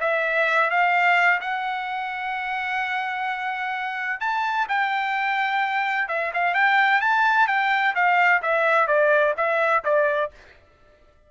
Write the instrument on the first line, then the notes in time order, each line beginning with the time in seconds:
trumpet
0.00 E5
0.70 F5
1.41 F#5
4.20 A5
4.69 G5
6.08 E5
6.34 F5
6.54 G5
7.01 A5
7.47 G5
7.95 F5
8.42 E5
8.87 D5
9.37 E5
9.84 D5